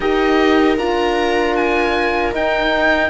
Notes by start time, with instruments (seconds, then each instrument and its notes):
0.00 cello D#4, horn G4, viola A#4, oboe D#5
0.78 cello D4, horn F4, oboe A#5
1.56 oboe G#5
2.32 horn D#4, cello D#4, oboe G5